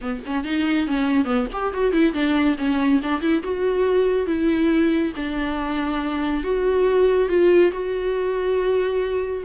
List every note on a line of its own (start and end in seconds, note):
0.01 0.22 B3
0.26 0.44 C#4
0.44 0.87 D#4
0.87 1.24 C#4
1.24 1.46 B3
1.52 1.73 G4
1.73 1.92 F#4
1.92 2.13 E4
2.13 2.56 D4
2.58 3.01 C#4
3.02 3.21 D4
3.21 3.42 E4
3.43 4.26 F#4
4.26 5.12 E4
5.15 6.43 D4
6.43 7.29 F#4
7.29 7.71 F4
7.72 9.43 F#4